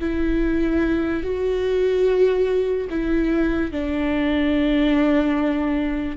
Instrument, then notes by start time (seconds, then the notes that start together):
viola
0.00 E4
1.23 F#4
2.90 E4
3.72 D4